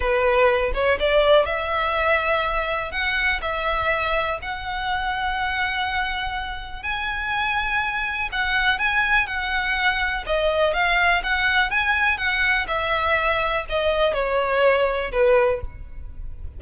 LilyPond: \new Staff \with { instrumentName = "violin" } { \time 4/4 \tempo 4 = 123 b'4. cis''8 d''4 e''4~ | e''2 fis''4 e''4~ | e''4 fis''2.~ | fis''2 gis''2~ |
gis''4 fis''4 gis''4 fis''4~ | fis''4 dis''4 f''4 fis''4 | gis''4 fis''4 e''2 | dis''4 cis''2 b'4 | }